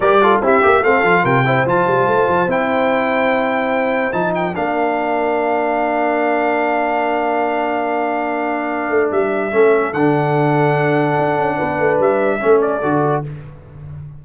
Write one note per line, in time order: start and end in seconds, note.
0.00 0.39 G3
0.00 0.21 G4
0.00 0.21 A#4
0.00 0.41 D5
0.21 0.42 F4
0.21 0.43 A4
0.40 0.61 C4
0.40 0.62 E4
0.40 0.84 G4
0.40 0.83 E5
0.62 0.81 A#3
0.62 0.83 G4
0.81 1.02 A3
0.81 1.05 C4
0.81 1.23 A4
0.81 1.25 F5
1.03 1.23 F3
1.03 1.45 F4
1.23 1.65 C3
1.23 1.44 A#4
1.23 1.66 G5
1.45 1.65 E4
1.45 4.36 C5
1.65 1.86 F3
1.65 2.47 F4
1.65 2.50 A5
1.87 2.06 G3
2.06 2.27 A3
2.28 2.46 F3
2.46 4.12 C4
2.46 4.12 E4
2.46 4.12 G5
4.12 4.54 F3
4.12 4.53 D#4
4.12 4.33 A5
4.34 9.53 A#4
4.34 4.55 G5
4.55 8.89 A#3
4.55 9.51 D4
4.55 9.10 F5
8.89 9.10 A3
9.11 9.52 G3
9.11 9.93 E5
9.51 9.93 A3
9.51 9.92 C#4
9.51 11.57 A4
9.93 11.17 D3
9.93 12.40 D4
9.93 12.00 F#5
11.18 11.38 D4
11.38 11.59 C#4
11.57 11.79 B3
11.57 12.39 B4
11.79 11.99 A3
11.99 12.40 G3
11.99 12.61 E5
12.40 12.83 A3
12.40 12.81 C#4
12.40 13.24 A4
12.61 13.23 D5
12.82 13.24 D3
12.82 13.23 F#4